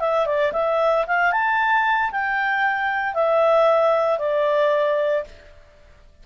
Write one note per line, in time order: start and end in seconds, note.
0.00 0.26 E5
0.26 0.53 D5
0.53 1.06 E5
1.08 1.32 F5
1.32 2.11 A5
2.12 3.15 G5
3.15 4.19 E5
4.19 5.24 D5